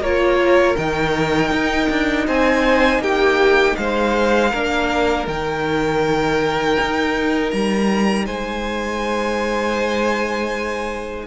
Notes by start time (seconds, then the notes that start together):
0.00 A#3 F4 A#4 C#5
0.76 D#3 D#4 G5
1.50 D#4
1.90 D4
2.26 C4 C5 G#5
2.98 A#3 G4 G5
3.75 G#3 C5 F5
4.50 A#3 D4 A#4
5.27 D#3 D#4 G5
6.80 D#4
7.50 G3 A#5
8.25 G#3 C5 G#5